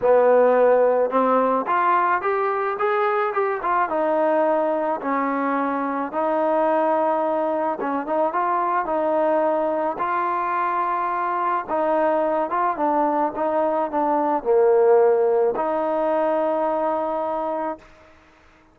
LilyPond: \new Staff \with { instrumentName = "trombone" } { \time 4/4 \tempo 4 = 108 b2 c'4 f'4 | g'4 gis'4 g'8 f'8 dis'4~ | dis'4 cis'2 dis'4~ | dis'2 cis'8 dis'8 f'4 |
dis'2 f'2~ | f'4 dis'4. f'8 d'4 | dis'4 d'4 ais2 | dis'1 | }